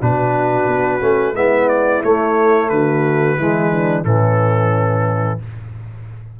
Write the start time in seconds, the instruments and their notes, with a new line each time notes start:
0.00 tuba B2, trombone D4, horn F#4, trumpet B4
0.67 tuba B3
1.00 tuba A3, trombone C#4
1.33 tuba G#3, trombone B3, horn E4, trumpet E5
1.68 trumpet D5
2.03 trombone A3, tuba A3, trumpet C#5
2.69 tuba D3, horn F#4, trumpet B4
3.38 tuba E3, trombone G#3, horn E4
3.72 horn D4
4.04 tuba A2, trombone E3, horn C#4, trumpet A4